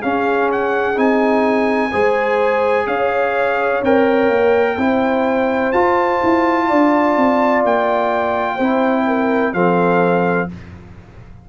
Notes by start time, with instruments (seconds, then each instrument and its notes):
0.00 trombone C#4, tuba C#4, horn G#4, trumpet F5
0.51 trumpet F#5
0.95 tuba C4, trombone D#4, trumpet G#5
1.91 tuba G#3, trombone G#4, horn C5
2.87 tuba C#4, horn C#5, trumpet F5
3.82 tuba C4, trombone A#4, trumpet G5
4.28 tuba A#3
4.77 tuba C4, trombone E4, horn C5
5.72 tuba F4, trombone F4, trumpet A5
6.23 tuba E4
6.68 tuba D4, horn D5
7.16 tuba C4
7.63 tuba A#3, trumpet G5
8.55 tuba C4, trombone E4, horn C5
9.07 horn A#4
9.53 tuba F3, trombone C4, horn A4, trumpet F5